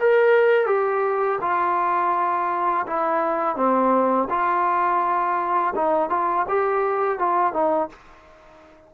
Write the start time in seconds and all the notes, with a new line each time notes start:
0.00 A#4
0.66 G4
1.41 F4
2.87 E4
3.56 C4
4.29 F4
5.75 D#4
6.10 F4
6.49 G4
7.19 F4
7.53 D#4